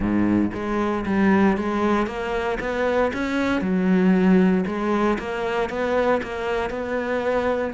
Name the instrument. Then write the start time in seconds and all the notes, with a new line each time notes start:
cello
0.00 G#2
0.53 G#3
1.06 G3
1.57 G#3
2.06 A#3
2.60 B3
3.13 C#4
3.61 F#3
4.66 G#3
5.18 A#3
5.69 B3
6.22 A#3
6.70 B3